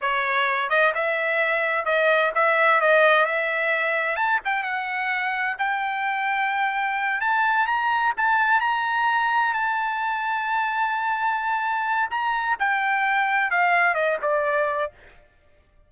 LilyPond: \new Staff \with { instrumentName = "trumpet" } { \time 4/4 \tempo 4 = 129 cis''4. dis''8 e''2 | dis''4 e''4 dis''4 e''4~ | e''4 a''8 g''8 fis''2 | g''2.~ g''8 a''8~ |
a''8 ais''4 a''4 ais''4.~ | ais''8 a''2.~ a''8~ | a''2 ais''4 g''4~ | g''4 f''4 dis''8 d''4. | }